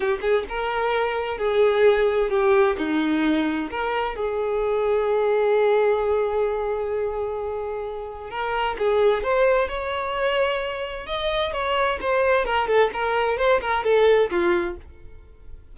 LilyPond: \new Staff \with { instrumentName = "violin" } { \time 4/4 \tempo 4 = 130 g'8 gis'8 ais'2 gis'4~ | gis'4 g'4 dis'2 | ais'4 gis'2.~ | gis'1~ |
gis'2 ais'4 gis'4 | c''4 cis''2. | dis''4 cis''4 c''4 ais'8 a'8 | ais'4 c''8 ais'8 a'4 f'4 | }